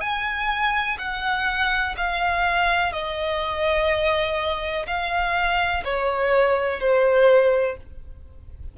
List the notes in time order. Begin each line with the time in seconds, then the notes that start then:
0.00 G#5
0.98 F#5
1.97 F5
2.92 D#5
4.87 F5
5.84 C#5
6.80 C5